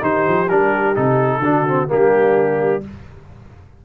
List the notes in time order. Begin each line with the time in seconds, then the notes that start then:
0.00 D#3 D#4 G4 C5
0.28 F3
0.49 G3 D4 A#4
0.95 C3 D#4 A4
1.39 D3 D4 F#4
1.67 C4
1.88 G3 A#3 D4 G4